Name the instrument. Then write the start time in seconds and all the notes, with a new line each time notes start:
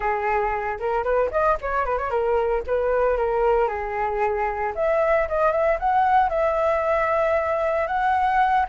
flute
0.00 G#4
0.79 A#4
1.03 B4
1.31 D#5
1.61 C#5
1.85 B4
1.98 C#5
2.10 A#4
2.66 B4
3.17 A#4
3.67 G#4
4.75 E5
5.28 D#5
5.51 E5
5.79 F#5
6.29 E5
7.87 F#5